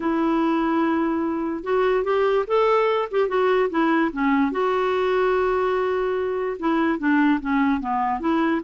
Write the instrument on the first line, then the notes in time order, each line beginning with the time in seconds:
clarinet
0.00 E4
1.63 F#4
2.04 G4
2.47 A4
3.11 G4
3.28 F#4
3.70 E4
4.12 C#4
4.51 F#4
6.59 E4
6.98 D4
7.41 C#4
7.80 B3
8.20 E4